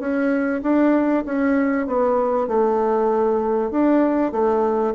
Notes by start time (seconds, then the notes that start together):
0.00 C#4
0.63 D4
1.26 C#4
1.87 B3
2.48 A3
3.71 D4
4.32 A3